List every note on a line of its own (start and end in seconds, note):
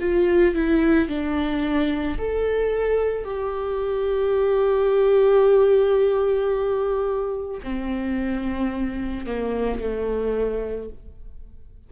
0.00 0.55 F4
0.55 1.08 E4
1.08 2.17 D4
2.18 3.24 A4
3.24 7.61 G4
7.63 9.25 C4
9.25 9.79 A#3
9.79 10.88 A3